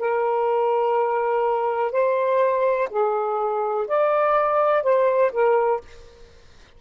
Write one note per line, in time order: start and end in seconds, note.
0.00 1.92 A#4
1.92 2.89 C5
2.91 3.88 G#4
3.88 4.84 D5
4.84 5.32 C5
5.33 5.81 A#4